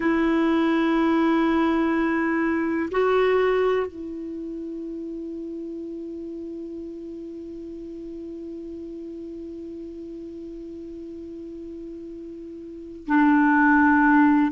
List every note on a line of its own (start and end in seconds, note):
0.00 2.89 E4
2.91 3.87 F#4
3.87 13.06 E4
13.06 14.52 D4